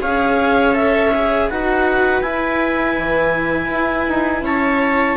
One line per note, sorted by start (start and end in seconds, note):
0.00 1.50 C#4
0.00 0.73 G#4
0.00 1.48 C#5
0.00 0.75 F5
0.73 1.10 A4
0.73 1.49 E5
1.14 1.50 G#4
1.48 2.22 D#4
1.48 2.23 F#4
1.48 4.44 B4
1.48 2.21 F#5
2.21 2.96 E4
2.21 5.17 E4
2.21 4.43 G#5
2.98 3.69 E3
3.69 4.06 E4
4.09 4.42 D#4
4.42 5.16 C#4
4.42 5.17 C#5
4.42 5.17 A5